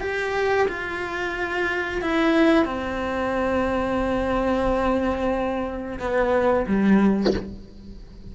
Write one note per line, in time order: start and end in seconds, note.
0.00 0.67 G4
0.68 2.01 F4
2.01 2.65 E4
2.65 5.98 C4
5.99 6.65 B3
6.66 7.33 G3